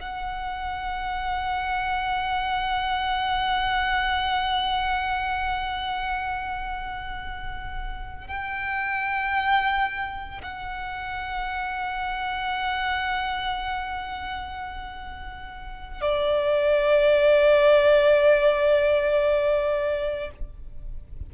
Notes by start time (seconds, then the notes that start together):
0.00 F#5
8.27 G5
10.42 F#5
16.01 D5